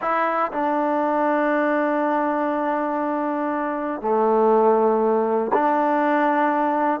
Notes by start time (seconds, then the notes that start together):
0.01 E4
0.52 D4
4.01 A3
5.53 D4